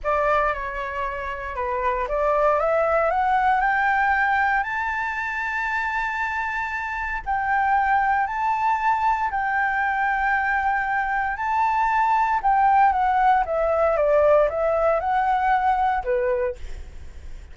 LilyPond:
\new Staff \with { instrumentName = "flute" } { \time 4/4 \tempo 4 = 116 d''4 cis''2 b'4 | d''4 e''4 fis''4 g''4~ | g''4 a''2.~ | a''2 g''2 |
a''2 g''2~ | g''2 a''2 | g''4 fis''4 e''4 d''4 | e''4 fis''2 b'4 | }